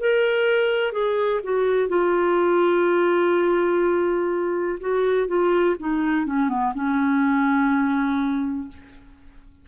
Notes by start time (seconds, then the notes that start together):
0.00 A#4
0.92 G#4
1.44 F#4
1.89 F4
4.80 F#4
5.27 F4
5.79 D#4
6.26 C#4
6.49 B3
6.75 C#4